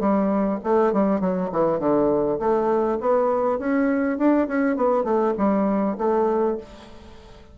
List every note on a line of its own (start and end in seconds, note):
0.00 0.59 G3
0.64 0.93 A3
0.93 1.20 G3
1.20 1.50 F#3
1.52 1.79 E3
1.79 2.39 D3
2.39 2.98 A3
3.01 3.59 B3
3.59 4.18 C#4
4.18 4.47 D4
4.48 4.76 C#4
4.76 5.04 B3
5.04 5.34 A3
5.38 5.97 G3
5.98 6.58 A3